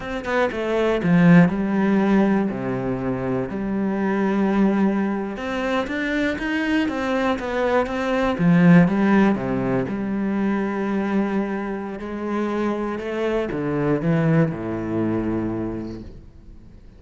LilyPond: \new Staff \with { instrumentName = "cello" } { \time 4/4 \tempo 4 = 120 c'8 b8 a4 f4 g4~ | g4 c2 g4~ | g2~ g8. c'4 d'16~ | d'8. dis'4 c'4 b4 c'16~ |
c'8. f4 g4 c4 g16~ | g1 | gis2 a4 d4 | e4 a,2. | }